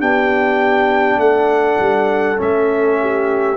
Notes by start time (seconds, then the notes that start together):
0.00 B3 D4 G4 G5
1.17 A3 A4 F#5
1.79 G3
2.37 A3 C#4 E5
3.01 G4